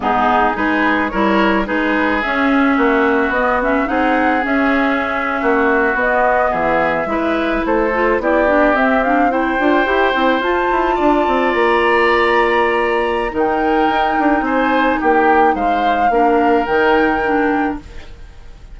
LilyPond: <<
  \new Staff \with { instrumentName = "flute" } { \time 4/4 \tempo 4 = 108 gis'4 b'4 cis''4 b'4 | e''2 dis''8 e''8 fis''4 | e''2~ e''8. dis''4 e''16~ | e''4.~ e''16 c''4 d''4 e''16~ |
e''16 f''8 g''2 a''4~ a''16~ | a''8. ais''2.~ ais''16 | g''2 gis''4 g''4 | f''2 g''2 | }
  \new Staff \with { instrumentName = "oboe" } { \time 4/4 dis'4 gis'4 ais'4 gis'4~ | gis'4 fis'2 gis'4~ | gis'4.~ gis'16 fis'2 gis'16~ | gis'8. b'4 a'4 g'4~ g'16~ |
g'8. c''2. d''16~ | d''1 | ais'2 c''4 g'4 | c''4 ais'2. | }
  \new Staff \with { instrumentName = "clarinet" } { \time 4/4 b4 dis'4 e'4 dis'4 | cis'2 b8 cis'8 dis'4 | cis'2~ cis'8. b4~ b16~ | b8. e'4. f'8 e'8 d'8 c'16~ |
c'16 d'8 e'8 f'8 g'8 e'8 f'4~ f'16~ | f'1 | dis'1~ | dis'4 d'4 dis'4 d'4 | }
  \new Staff \with { instrumentName = "bassoon" } { \time 4/4 gis,4 gis4 g4 gis4 | cis'4 ais4 b4 c'4 | cis'4.~ cis'16 ais4 b4 e16~ | e8. gis4 a4 b4 c'16~ |
c'4~ c'16 d'8 e'8 c'8 f'8 e'8 d'16~ | d'16 c'8 ais2.~ ais16 | dis4 dis'8 d'8 c'4 ais4 | gis4 ais4 dis2 | }
>>